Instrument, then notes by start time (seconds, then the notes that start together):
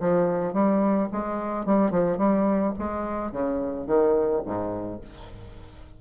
bassoon
0.00 F3
0.53 G3
1.12 G#3
1.66 G3
1.91 F3
2.18 G3
2.79 G#3
3.32 C#3
3.87 D#3
4.45 G#2